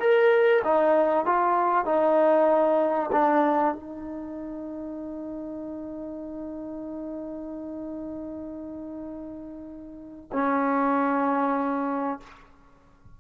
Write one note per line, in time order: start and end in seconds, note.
0.00 0.62 A#4
0.65 1.26 D#4
1.26 1.86 F4
1.86 3.11 D#4
3.12 3.75 D4
3.75 10.31 D#4
10.33 12.20 C#4